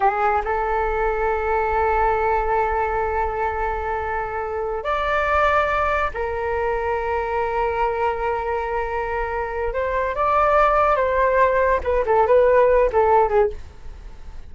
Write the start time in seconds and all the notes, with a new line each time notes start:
0.00 G#4
0.44 A4
4.83 D5
6.13 A#4
9.73 C5
10.15 D5
10.96 C5
11.83 B4
12.05 A4
12.26 B4
12.92 A4
13.28 G#4